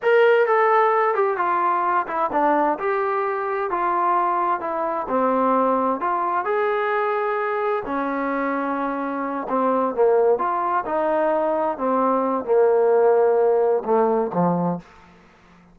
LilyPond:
\new Staff \with { instrumentName = "trombone" } { \time 4/4 \tempo 4 = 130 ais'4 a'4. g'8 f'4~ | f'8 e'8 d'4 g'2 | f'2 e'4 c'4~ | c'4 f'4 gis'2~ |
gis'4 cis'2.~ | cis'8 c'4 ais4 f'4 dis'8~ | dis'4. c'4. ais4~ | ais2 a4 f4 | }